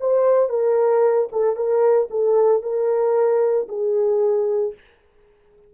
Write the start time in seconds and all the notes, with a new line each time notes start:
0.00 C5
0.49 A#4
1.32 A4
1.56 A#4
2.10 A4
2.62 A#4
3.68 G#4